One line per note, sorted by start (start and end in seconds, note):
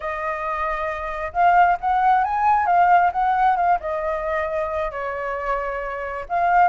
0.00 1.32 D#5
1.32 1.77 F5
1.80 2.24 F#5
2.24 2.66 G#5
2.66 3.11 F5
3.12 3.56 F#5
3.56 3.78 F5
3.80 4.91 D#5
4.91 6.25 C#5
6.28 6.68 F5